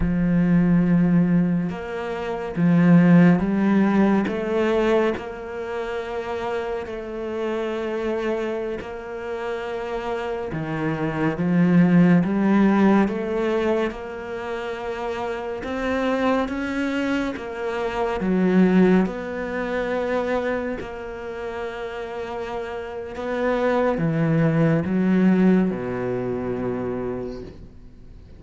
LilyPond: \new Staff \with { instrumentName = "cello" } { \time 4/4 \tempo 4 = 70 f2 ais4 f4 | g4 a4 ais2 | a2~ a16 ais4.~ ais16~ | ais16 dis4 f4 g4 a8.~ |
a16 ais2 c'4 cis'8.~ | cis'16 ais4 fis4 b4.~ b16~ | b16 ais2~ ais8. b4 | e4 fis4 b,2 | }